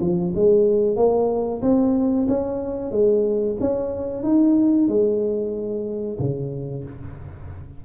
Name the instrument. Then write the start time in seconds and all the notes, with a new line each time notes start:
tuba
0.00 F3
0.35 G#3
0.96 A#3
1.62 C4
2.28 C#4
2.91 G#3
3.60 C#4
4.23 D#4
4.88 G#3
6.19 C#3